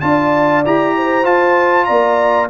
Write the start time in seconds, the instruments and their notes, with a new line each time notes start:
0.00 tuba D4, trombone F4, horn D5, trumpet A5
0.64 tuba E4, trombone G4, trumpet A#5
0.96 horn C5
1.24 tuba F4, trombone F4, trumpet A5
1.84 tuba A#3, horn D5, trumpet A#5